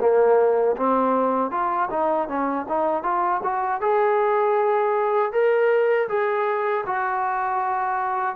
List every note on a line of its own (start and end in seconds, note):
0.00 0.76 A#3
0.77 1.51 C4
1.51 1.89 F4
1.90 2.28 D#4
2.28 2.66 C#4
2.69 3.03 D#4
3.03 3.41 F4
3.43 3.81 F#4
3.81 5.32 G#4
5.32 6.08 A#4
6.09 6.85 G#4
6.86 8.36 F#4